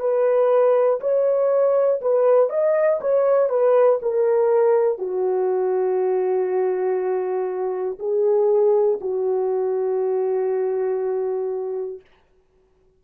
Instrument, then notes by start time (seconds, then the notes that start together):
horn
0.00 B4
1.00 C#5
2.01 B4
2.50 D#5
3.00 C#5
3.49 B4
4.02 A#4
4.98 F#4
7.99 G#4
9.00 F#4